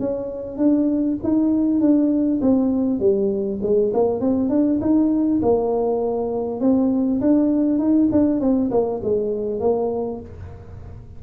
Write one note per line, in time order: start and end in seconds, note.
0.00 0.57 C#4
0.57 1.17 D4
1.23 1.81 D#4
1.81 2.41 D4
2.41 3.00 C4
3.00 3.60 G3
3.62 3.92 G#3
3.94 4.21 A#3
4.21 4.49 C4
4.49 4.79 D4
4.81 5.41 D#4
5.42 6.61 A#3
6.61 7.21 C4
7.21 7.79 D4
7.79 8.09 D#4
8.12 8.41 D4
8.41 8.71 C4
8.71 9.01 A#3
9.03 9.60 G#3
9.60 10.20 A#3